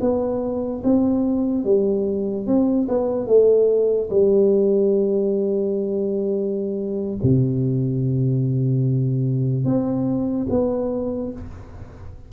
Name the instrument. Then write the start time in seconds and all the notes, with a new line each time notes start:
tuba
0.00 B3
0.83 C4
1.64 G3
2.46 C4
2.88 B3
3.27 A3
4.09 G3
7.22 C3
9.64 C4
10.49 B3